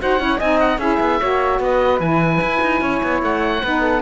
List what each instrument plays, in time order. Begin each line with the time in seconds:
0.00 cello D#4, saxophone F#4, flute C5, oboe F#5
0.19 cello C#4, saxophone E4, flute C#5
0.38 cello C4, saxophone D#4, flute D#5, oboe G#5
0.60 oboe F#5
0.79 cello C#4, saxophone E4, flute G#4, oboe E5
1.00 cello B3
1.20 cello A#3, saxophone F#4, flute C#5
1.60 cello B3, flute B4, oboe D#5
2.00 cello E3, saxophone E4, oboe G#5
2.42 cello E4
2.62 cello D#4
2.81 cello C#4, flute C#5
3.03 cello B3
3.23 cello A3, oboe F#5
3.63 cello B3, saxophone D#4, flute B4
3.82 flute A4